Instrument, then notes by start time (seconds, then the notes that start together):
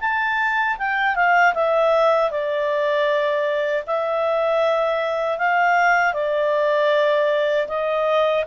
clarinet
0.00 A5
0.78 G5
1.15 F5
1.54 E5
2.30 D5
3.87 E5
5.38 F5
6.14 D5
7.68 D#5